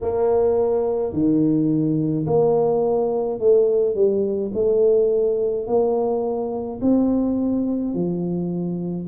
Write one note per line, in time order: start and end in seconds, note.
0.01 1.13 A#3
1.13 2.26 D#3
2.26 3.39 A#3
3.39 3.95 A3
3.95 4.51 G3
4.54 5.66 A3
5.66 6.79 A#3
6.81 7.93 C4
7.93 9.07 F3